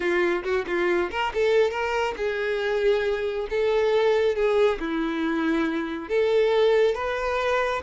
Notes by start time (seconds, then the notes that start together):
0.00 F4
0.43 F#4
0.67 F4
1.10 A#4
1.34 A4
1.71 A#4
2.16 G#4
3.49 A4
4.35 G#4
4.79 E4
6.08 A4
6.94 B4